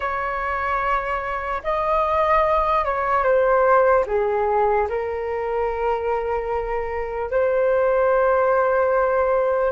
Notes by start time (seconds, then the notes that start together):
0.00 C#5
1.63 D#5
2.84 C#5
3.23 C5
4.07 G#4
4.89 A#4
7.30 C5